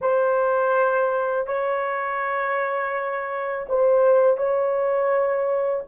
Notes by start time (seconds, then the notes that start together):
0.01 C5
1.46 C#5
3.69 C5
4.37 C#5